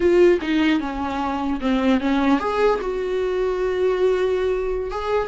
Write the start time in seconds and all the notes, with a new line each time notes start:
0.00 F4
0.41 D#4
0.80 C#4
1.60 C4
2.00 C#4
2.39 G#4
2.81 F#4
4.91 G#4